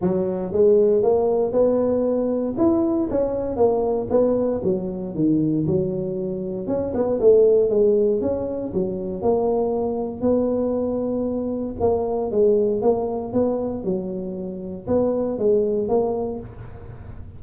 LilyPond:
\new Staff \with { instrumentName = "tuba" } { \time 4/4 \tempo 4 = 117 fis4 gis4 ais4 b4~ | b4 e'4 cis'4 ais4 | b4 fis4 dis4 fis4~ | fis4 cis'8 b8 a4 gis4 |
cis'4 fis4 ais2 | b2. ais4 | gis4 ais4 b4 fis4~ | fis4 b4 gis4 ais4 | }